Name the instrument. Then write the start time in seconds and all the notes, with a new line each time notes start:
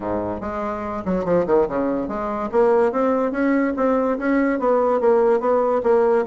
bassoon
0.00 G#2
0.41 G#3
1.05 F#3
1.24 F3
1.46 D#3
1.68 C#3
2.07 G#3
2.51 A#3
2.92 C4
3.31 C#4
3.76 C4
4.18 C#4
4.59 B3
5.00 A#3
5.39 B3
5.83 A#3